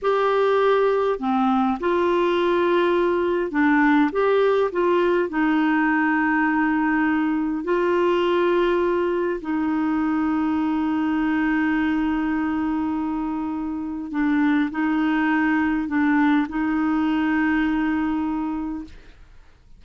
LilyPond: \new Staff \with { instrumentName = "clarinet" } { \time 4/4 \tempo 4 = 102 g'2 c'4 f'4~ | f'2 d'4 g'4 | f'4 dis'2.~ | dis'4 f'2. |
dis'1~ | dis'1 | d'4 dis'2 d'4 | dis'1 | }